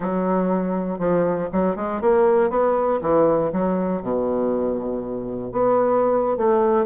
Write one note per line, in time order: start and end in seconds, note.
0.00 0.99 F#3
0.99 1.49 F3
1.52 1.76 F#3
1.76 2.01 G#3
2.01 2.50 A#3
2.50 3.00 B3
3.01 3.51 E3
3.52 4.02 F#3
4.02 5.52 B2
5.52 6.37 B3
6.37 6.85 A3